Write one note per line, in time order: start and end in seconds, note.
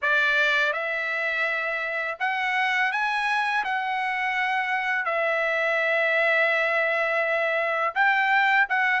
0.02 0.72 D5
0.72 2.17 E5
2.19 2.91 F#5
2.91 3.64 G#5
3.64 5.05 F#5
5.05 7.94 E5
7.94 8.66 G5
8.69 9.00 F#5